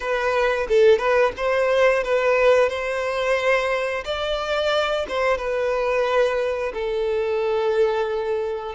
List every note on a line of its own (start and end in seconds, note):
0.00 0.67 B4
0.68 0.98 A4
0.98 1.31 B4
1.36 2.03 C5
2.03 2.69 B4
2.69 4.04 C5
4.04 5.06 D5
5.08 5.37 C5
5.37 6.72 B4
6.73 8.75 A4